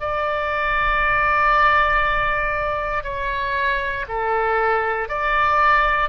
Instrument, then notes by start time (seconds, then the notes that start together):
oboe
0.00 D5
3.04 C#5
4.08 A4
5.09 D5